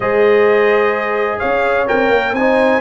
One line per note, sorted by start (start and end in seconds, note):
0.00 1.37 G#3
0.00 1.87 G#4
0.00 1.38 C5
0.00 1.39 D#5
1.38 1.89 C#4
1.38 2.32 C#5
1.38 1.86 F5
1.87 2.09 C4
1.87 2.34 A#4
1.87 2.34 G5
2.09 2.32 A#3
2.32 2.79 C4
2.32 2.81 C5
2.32 2.81 G#5
2.38 2.81 D#4